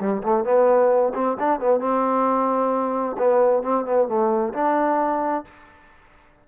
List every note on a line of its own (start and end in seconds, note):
0.00 0.23 G3
0.23 0.45 A3
0.45 1.13 B3
1.15 1.38 C4
1.40 1.60 D4
1.60 1.81 B3
1.81 3.17 C4
3.18 3.63 B3
3.63 3.86 C4
3.86 4.08 B3
4.08 4.54 A3
4.54 5.45 D4